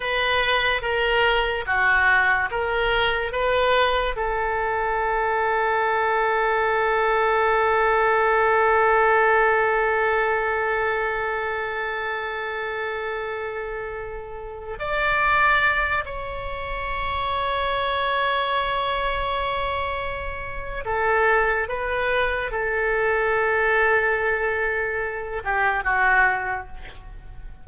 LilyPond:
\new Staff \with { instrumentName = "oboe" } { \time 4/4 \tempo 4 = 72 b'4 ais'4 fis'4 ais'4 | b'4 a'2.~ | a'1~ | a'1~ |
a'4.~ a'16 d''4. cis''8.~ | cis''1~ | cis''4 a'4 b'4 a'4~ | a'2~ a'8 g'8 fis'4 | }